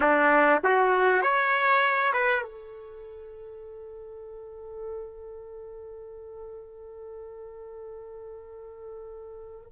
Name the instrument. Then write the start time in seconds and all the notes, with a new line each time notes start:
trumpet
0.00 D4
0.63 F#4
1.21 C#5
2.13 B4
2.42 A4